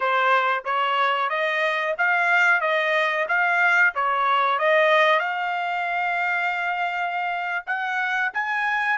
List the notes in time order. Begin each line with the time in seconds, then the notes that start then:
0.00 C5
0.65 C#5
1.29 D#5
1.97 F5
2.61 D#5
3.28 F5
3.95 C#5
4.59 D#5
5.19 F5
7.66 F#5
8.33 G#5